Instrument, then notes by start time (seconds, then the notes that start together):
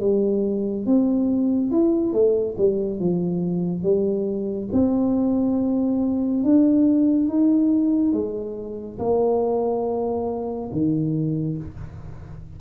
tuba
0.00 G3
0.86 C4
1.71 E4
2.13 A3
2.57 G3
3.00 F3
3.83 G3
4.72 C4
6.43 D4
7.28 D#4
8.12 G#3
8.98 A#3
10.72 D#3